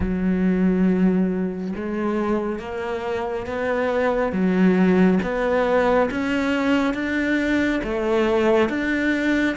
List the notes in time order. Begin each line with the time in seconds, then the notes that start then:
0.00 F#3
1.75 G#3
2.59 A#3
3.46 B3
4.32 F#3
5.22 B3
6.10 C#4
6.94 D4
7.83 A3
8.69 D4